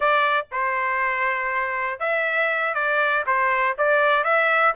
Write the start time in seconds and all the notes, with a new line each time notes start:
0.00 D5
0.51 C5
1.99 E5
2.74 D5
3.26 C5
3.77 D5
4.23 E5